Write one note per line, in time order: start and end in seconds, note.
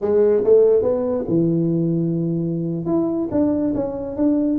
0.01 0.43 G#3
0.44 0.82 A3
0.82 1.25 B3
1.28 2.85 E3
2.85 3.28 E4
3.31 3.73 D4
3.74 4.16 C#4
4.16 4.58 D4